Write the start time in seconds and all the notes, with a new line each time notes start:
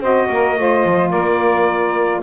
0.00 C4 F#4 C5 D#5
0.29 A#3 A#4
0.56 A3 F4 C5
0.85 F3
1.10 A#3 A#4 D5